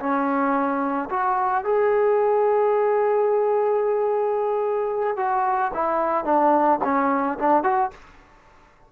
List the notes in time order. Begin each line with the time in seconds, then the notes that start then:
0.00 C#4
1.10 F#4
1.64 G#4
5.17 F#4
5.74 E4
6.25 D4
6.84 C#4
7.39 D4
7.64 F#4